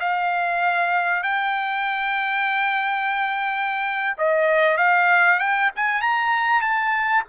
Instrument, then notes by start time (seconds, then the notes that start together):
trumpet
0.00 F5
1.23 G5
4.18 D#5
4.78 F5
5.40 G5
5.76 G#5
6.01 A#5
6.62 A5